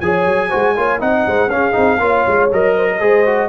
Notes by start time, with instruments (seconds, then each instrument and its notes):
0.00 tuba F3, trombone G#4, horn C#5, trumpet G#5
0.26 tuba F#3
0.49 tuba G#3, trombone F#4, horn C5
0.76 tuba A#3, trombone F4, horn C#5
0.99 tuba C4, trombone D#4, horn D#5, trumpet F#5
1.26 tuba G#3, horn C5
1.47 tuba C#4, trombone C#4, horn G#4, trumpet F5
1.72 tuba C4, trombone D#4
1.99 tuba A#3, trombone F4, horn C#5
2.27 tuba G#3
2.52 tuba F#3, trombone A#4, trumpet D#5
2.76 horn C5
2.89 horn A#4
3.00 tuba G#3, trombone G#4, horn C5
3.26 trombone F#4